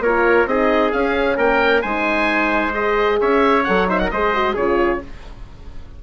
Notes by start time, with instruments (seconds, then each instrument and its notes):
0.00 bassoon A#3, horn F4, trumpet A#4, oboe C#5
0.46 bassoon C4, horn D#4, trumpet G#4, oboe D#5
0.92 horn C#4, bassoon C#4, oboe F5
1.37 bassoon A#3, trumpet A#4, oboe G5
1.82 bassoon G#3, horn D#4, trumpet C5, oboe G#5
2.72 horn G#4, oboe D#5
3.21 bassoon C#4, trumpet C#5, oboe E5
3.64 bassoon F#3, horn A4, oboe F#5
3.88 horn D#4, trumpet C5, oboe E5
3.99 trumpet A#4, oboe F#5
4.11 bassoon G#3, horn G#4, trumpet C5, oboe D#5
4.34 horn F#4
4.54 bassoon C#3, horn F4, trumpet G#4, oboe C#5